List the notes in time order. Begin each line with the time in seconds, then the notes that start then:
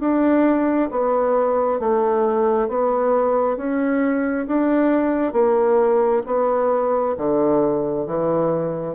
0.00 D4
0.91 B3
1.80 A3
2.68 B3
3.57 C#4
4.47 D4
5.33 A#3
6.26 B3
7.18 D3
8.06 E3